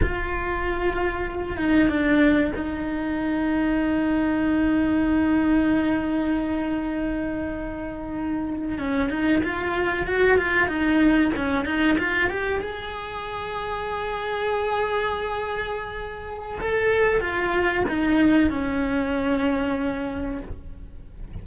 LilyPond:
\new Staff \with { instrumentName = "cello" } { \time 4/4 \tempo 4 = 94 f'2~ f'8 dis'8 d'4 | dis'1~ | dis'1~ | dis'4.~ dis'16 cis'8 dis'8 f'4 fis'16~ |
fis'16 f'8 dis'4 cis'8 dis'8 f'8 g'8 gis'16~ | gis'1~ | gis'2 a'4 f'4 | dis'4 cis'2. | }